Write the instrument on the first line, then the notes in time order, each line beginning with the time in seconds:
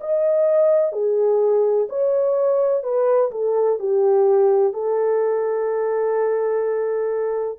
horn
0.00 D#5
0.92 G#4
1.89 C#5
2.83 B4
3.31 A4
3.79 G4
4.73 A4